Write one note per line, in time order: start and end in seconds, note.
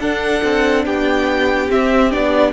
0.00 0.42 D4
0.00 1.69 D4
0.00 0.85 A4
0.00 0.85 F#5
0.44 0.86 C4
0.85 1.71 B3
0.85 2.54 G4
0.85 1.71 G5
1.69 2.11 C4
1.69 2.14 C4
1.69 2.12 E5
2.11 2.54 B3
2.11 2.54 D4
2.11 2.54 D5